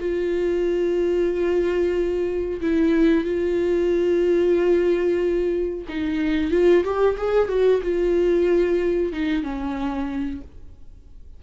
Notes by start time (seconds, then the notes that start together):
0.00 F4
2.61 E4
3.24 F4
5.89 D#4
6.51 F4
6.84 G4
7.18 G#4
7.49 F#4
7.82 F4
9.13 D#4
9.43 C#4